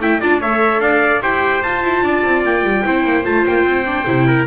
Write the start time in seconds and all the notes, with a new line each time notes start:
0.00 A3 E4 E5 G5
0.21 D4 F4 D5 A5
0.41 A3 A4 C#5 E5
0.80 D4 D5 F5
1.22 E4 G4 C5 G5
1.63 F4 A5
1.84 E4
2.03 D4 D5
2.24 C4
2.44 A#3 G5
2.64 G3
2.85 C4 E4 C5
3.05 A#3
3.24 A3 F4 A5
3.47 A#3 G5
3.65 C4
3.85 D4
4.07 C3 E4
4.28 A#4